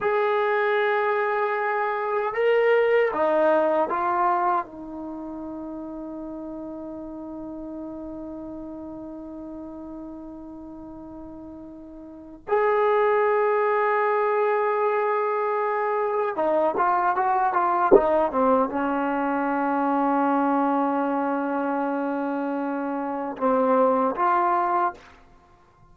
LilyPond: \new Staff \with { instrumentName = "trombone" } { \time 4/4 \tempo 4 = 77 gis'2. ais'4 | dis'4 f'4 dis'2~ | dis'1~ | dis'1 |
gis'1~ | gis'4 dis'8 f'8 fis'8 f'8 dis'8 c'8 | cis'1~ | cis'2 c'4 f'4 | }